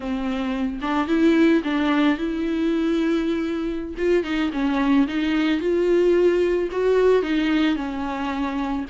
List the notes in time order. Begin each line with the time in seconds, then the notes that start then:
0.00 C4
0.81 D4
1.07 E4
1.64 D4
2.18 E4
3.97 F4
4.23 D#4
4.52 C#4
5.07 D#4
5.60 F4
6.71 F#4
7.22 D#4
7.76 C#4